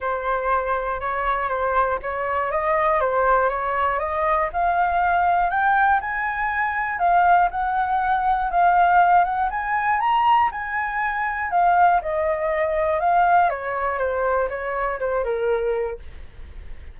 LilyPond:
\new Staff \with { instrumentName = "flute" } { \time 4/4 \tempo 4 = 120 c''2 cis''4 c''4 | cis''4 dis''4 c''4 cis''4 | dis''4 f''2 g''4 | gis''2 f''4 fis''4~ |
fis''4 f''4. fis''8 gis''4 | ais''4 gis''2 f''4 | dis''2 f''4 cis''4 | c''4 cis''4 c''8 ais'4. | }